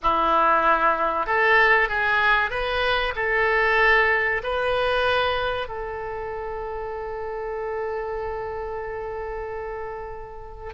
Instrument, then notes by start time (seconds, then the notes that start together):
oboe
0.02 E4
1.26 A4
1.89 G#4
2.50 B4
3.15 A4
4.43 B4
5.68 A4